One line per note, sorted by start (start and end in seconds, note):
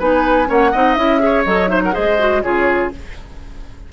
0.00 0.49 B3
0.00 0.47 D#4
0.00 0.49 B4
0.00 0.51 G#5
0.47 0.74 A#3
0.47 0.71 C#4
0.47 0.72 C#5
0.47 0.94 F#5
0.72 0.97 C4
0.72 0.98 D#4
0.72 1.21 D#5
0.94 1.46 C#4
0.94 1.20 E4
0.94 1.43 E5
1.20 1.44 G#4
1.20 1.71 C#5
1.45 1.95 F#3
1.45 1.68 A4
1.45 1.69 D#5
1.68 1.92 D#4
1.68 1.83 C5
1.68 1.81 E5
1.84 1.94 A#4
1.84 1.95 F#5
1.92 2.44 G#3
1.92 2.17 G#4
1.92 2.42 C5
1.92 2.42 D#5
2.19 2.43 F#4
2.42 2.93 C#3
2.42 2.92 F4
2.42 2.93 G#4
2.42 2.91 C#5